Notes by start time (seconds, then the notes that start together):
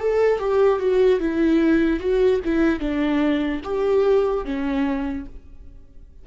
0.00 A4
0.39 G4
0.80 F#4
1.20 E4
2.00 F#4
2.45 E4
2.80 D4
3.64 G4
4.45 C#4